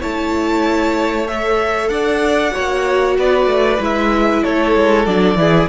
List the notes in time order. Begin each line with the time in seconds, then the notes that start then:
0.00 A3 E4 C#5 A5
1.27 A4 E5
1.88 D4 D5 F#5
2.51 A#3 F#4 C#5
3.18 B3 B4 D5
3.46 A3
3.80 G#3 E4 E5
4.43 A3 A4 C#5
4.76 G#3
5.05 F#3 D4 D5
5.35 E3 E4 G#4